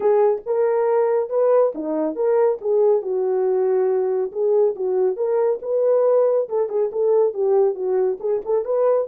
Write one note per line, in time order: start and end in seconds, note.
0.00 0.41 G#4
0.46 1.29 A#4
1.29 1.72 B4
1.75 2.15 D#4
2.15 2.58 A#4
2.61 3.02 G#4
3.02 4.31 F#4
4.31 4.75 G#4
4.75 5.16 F#4
5.16 5.59 A#4
5.62 6.48 B4
6.49 6.69 A4
6.69 6.90 G#4
6.92 7.33 A4
7.33 7.75 G4
7.75 8.18 F#4
8.19 8.41 G#4
8.45 8.64 A4
8.64 9.07 B4